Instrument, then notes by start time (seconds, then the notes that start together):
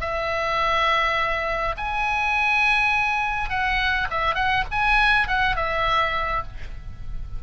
oboe
0.00 E5
1.77 G#5
3.50 F#5
4.10 E5
4.35 F#5
4.71 G#5
5.27 F#5
5.56 E5